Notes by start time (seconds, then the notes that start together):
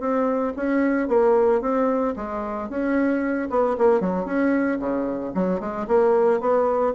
0.00 C4
0.57 C#4
1.08 A#3
1.61 C4
2.16 G#3
2.69 C#4
3.50 B3
3.78 A#3
4.00 F#3
4.26 C#4
4.80 C#3
5.34 F#3
5.60 G#3
5.88 A#3
6.41 B3